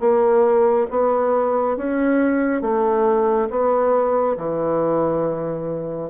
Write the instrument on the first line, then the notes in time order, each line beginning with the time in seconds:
bassoon
0.00 A#3
0.91 B3
1.77 C#4
2.62 A3
3.50 B3
4.38 E3